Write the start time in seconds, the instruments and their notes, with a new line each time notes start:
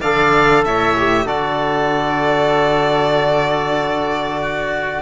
0.00 cello D3, trombone A4, oboe D5, violin F5
0.64 cello A2, oboe C#5, violin E5
0.97 trombone G4
1.25 cello D3, trombone F#4, oboe A4, violin D5
4.41 oboe F#4